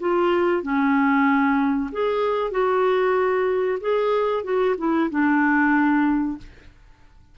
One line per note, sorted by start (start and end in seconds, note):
0.00 0.63 F4
0.63 1.90 C#4
1.92 2.52 G#4
2.52 3.79 F#4
3.81 4.44 G#4
4.44 4.76 F#4
4.78 5.10 E4
5.10 6.38 D4